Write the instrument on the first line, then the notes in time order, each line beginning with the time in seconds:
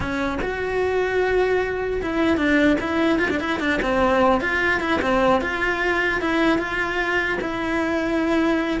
cello
0.00 C#4
0.41 F#4
2.01 E4
2.37 D4
2.80 E4
3.18 F4
3.30 D4
3.40 E4
3.59 D4
3.82 C4
4.40 F4
4.80 E4
5.01 C4
5.41 F4
6.21 E4
6.58 F4
7.41 E4